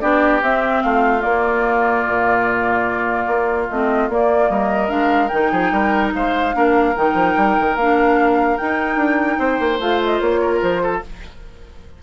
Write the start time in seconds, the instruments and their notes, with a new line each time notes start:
0.00 bassoon B3, clarinet D4, oboe G4, flute D5
0.42 bassoon C4, clarinet C4, flute E5
0.82 bassoon A3, oboe F4, flute F5
1.20 clarinet A#3, bassoon A#3, flute D5
2.06 bassoon A#2
3.27 bassoon A#3
3.69 bassoon A3, clarinet C4, flute D#5
4.09 bassoon A#3, clarinet A#3, flute D5
4.49 bassoon G3, oboe A#4, flute D#5
4.88 bassoon G#3, clarinet D4, flute F5
5.28 bassoon D#3, clarinet D#4, flute G5
5.51 bassoon F3, oboe G#4
5.71 bassoon G3, oboe A#4
6.15 bassoon G#3, oboe C5, flute F5
6.53 bassoon A#3, clarinet D4, oboe A#4
6.95 bassoon D#3, clarinet D#4, flute G5
7.14 bassoon F3
7.37 bassoon G3
7.59 bassoon D#3
7.76 bassoon A#3, clarinet D4, flute F5
8.57 clarinet D#4, bassoon D#4, flute G5
8.96 bassoon D4
9.39 bassoon C4, oboe C5
9.60 bassoon A#3
9.79 bassoon A3, clarinet F4, flute F5
10.05 flute D#5
10.20 bassoon A#3, flute C#5
10.41 oboe A#4
10.62 bassoon F3, flute C5
10.82 oboe A4